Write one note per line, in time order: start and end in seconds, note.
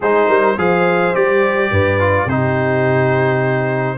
0.00 0.28 G#3
0.00 0.57 D#4
0.00 0.28 G#4
0.00 0.58 C5
0.28 0.56 G3
0.28 0.57 A#4
0.57 1.14 F3
0.57 1.14 G#4
0.57 1.71 C5
0.57 1.15 F5
1.14 1.70 G3
1.14 1.99 G4
1.14 2.28 D5
1.70 2.26 G2
1.70 2.25 B4
1.99 2.28 F4
2.25 3.97 C3
2.25 3.97 D#4
2.25 3.96 G4
2.25 3.97 C5